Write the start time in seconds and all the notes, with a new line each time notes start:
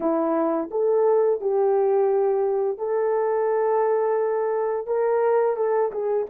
0.00 E4
0.70 A4
1.40 G4
2.77 A4
4.86 A#4
5.56 A4
5.91 G#4